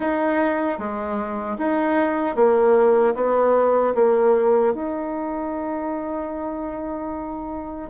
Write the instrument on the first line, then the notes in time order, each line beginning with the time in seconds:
bassoon
0.00 D#4
0.78 G#3
1.58 D#4
2.35 A#3
3.14 B3
3.95 A#3
4.74 D#4